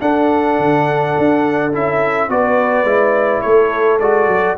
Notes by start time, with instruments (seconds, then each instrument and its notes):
0.00 trombone D4, tuba D4, horn A4, trumpet F#5
0.58 tuba D3
1.18 tuba D4
1.73 tuba C#4, trombone E4, trumpet E5
2.29 tuba B3, trombone F#4, horn B4, trumpet D5
2.83 tuba G#3, trombone E4
3.41 tuba A3, horn A4, trumpet C#5
3.99 tuba G#3, trombone F#4, trumpet D5
4.27 tuba F#3